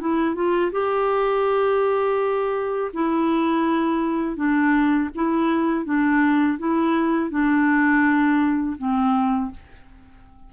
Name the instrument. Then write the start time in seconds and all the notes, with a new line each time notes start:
clarinet
0.00 E4
0.35 F4
0.72 G4
2.94 E4
4.36 D4
5.15 E4
5.85 D4
6.59 E4
7.30 D4
8.78 C4